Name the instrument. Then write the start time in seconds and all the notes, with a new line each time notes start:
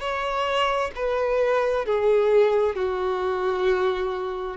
violin
0.00 C#5
0.95 B4
1.85 G#4
2.75 F#4